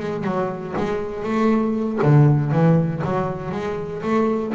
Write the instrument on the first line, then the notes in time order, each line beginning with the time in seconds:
double bass
0.00 G#3
0.24 F#3
0.77 G#3
1.24 A3
2.03 D3
2.52 E3
3.05 F#3
3.52 G#3
4.03 A3